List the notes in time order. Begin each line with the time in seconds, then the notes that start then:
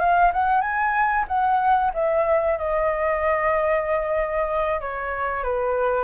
0.00 F5
0.33 F#5
0.61 G#5
1.28 F#5
1.94 E5
2.58 D#5
4.81 C#5
5.43 B4